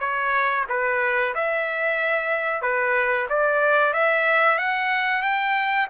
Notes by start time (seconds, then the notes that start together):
0.00 C#5
0.69 B4
1.35 E5
2.62 B4
3.30 D5
3.94 E5
4.58 F#5
5.23 G5